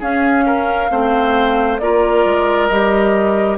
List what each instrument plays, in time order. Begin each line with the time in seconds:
0.00 bassoon C#4, clarinet C#4, oboe G#4, flute F5
0.47 oboe A#4
0.90 bassoon A3, clarinet C4, oboe C5
1.79 bassoon A#3, clarinet F4, oboe A#4, flute D5
2.25 bassoon G#3
2.67 bassoon G3, clarinet G4, flute D#5